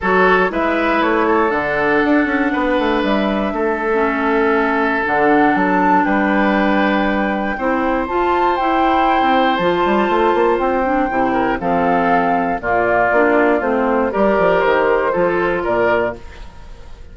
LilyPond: <<
  \new Staff \with { instrumentName = "flute" } { \time 4/4 \tempo 4 = 119 cis''4 e''4 cis''4 fis''4~ | fis''2 e''2~ | e''2 fis''4 a''4 | g''1 |
a''4 g''2 a''4~ | a''4 g''2 f''4~ | f''4 d''2 c''4 | d''4 c''2 d''4 | }
  \new Staff \with { instrumentName = "oboe" } { \time 4/4 a'4 b'4. a'4.~ | a'4 b'2 a'4~ | a'1 | b'2. c''4~ |
c''1~ | c''2~ c''8 ais'8 a'4~ | a'4 f'2. | ais'2 a'4 ais'4 | }
  \new Staff \with { instrumentName = "clarinet" } { \time 4/4 fis'4 e'2 d'4~ | d'2.~ d'8. cis'16~ | cis'2 d'2~ | d'2. e'4 |
f'4 e'2 f'4~ | f'4. d'8 e'4 c'4~ | c'4 ais4 d'4 c'4 | g'2 f'2 | }
  \new Staff \with { instrumentName = "bassoon" } { \time 4/4 fis4 gis4 a4 d4 | d'8 cis'8 b8 a8 g4 a4~ | a2 d4 fis4 | g2. c'4 |
f'4 e'4~ e'16 c'8. f8 g8 | a8 ais8 c'4 c4 f4~ | f4 ais,4 ais4 a4 | g8 f8 dis4 f4 ais,4 | }
>>